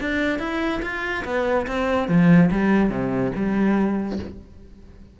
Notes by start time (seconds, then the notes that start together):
0.00 D4
0.39 E4
0.82 F4
1.25 B3
1.67 C4
2.08 F3
2.51 G3
2.90 C3
3.35 G3